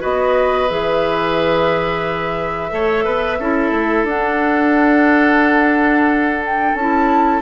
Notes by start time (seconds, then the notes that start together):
0.00 B3 F#4 B4 D#5
0.69 E3 G#4 E5
2.70 A3 A4 C#5
3.04 B3 B4
3.39 C#4 E4 A4
3.71 A3
4.03 D4 F#5
6.45 G5
6.74 C#4 E4 A5